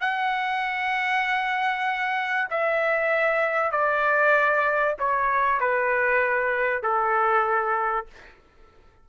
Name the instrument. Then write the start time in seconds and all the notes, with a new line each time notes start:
trumpet
0.00 F#5
2.50 E5
3.71 D5
4.98 C#5
5.60 B4
6.82 A4